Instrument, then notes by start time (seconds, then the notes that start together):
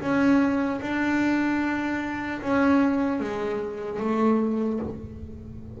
double bass
0.00 C#4
0.81 D4
2.41 C#4
3.20 G#3
3.99 A3